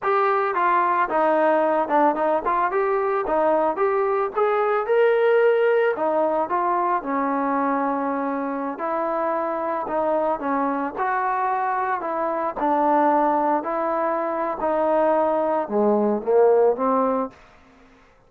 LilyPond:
\new Staff \with { instrumentName = "trombone" } { \time 4/4 \tempo 4 = 111 g'4 f'4 dis'4. d'8 | dis'8 f'8 g'4 dis'4 g'4 | gis'4 ais'2 dis'4 | f'4 cis'2.~ |
cis'16 e'2 dis'4 cis'8.~ | cis'16 fis'2 e'4 d'8.~ | d'4~ d'16 e'4.~ e'16 dis'4~ | dis'4 gis4 ais4 c'4 | }